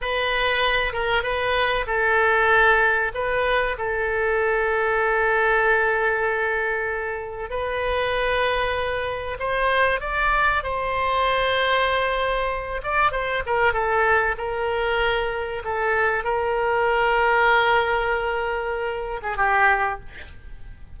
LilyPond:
\new Staff \with { instrumentName = "oboe" } { \time 4/4 \tempo 4 = 96 b'4. ais'8 b'4 a'4~ | a'4 b'4 a'2~ | a'1 | b'2. c''4 |
d''4 c''2.~ | c''8 d''8 c''8 ais'8 a'4 ais'4~ | ais'4 a'4 ais'2~ | ais'2~ ais'8. gis'16 g'4 | }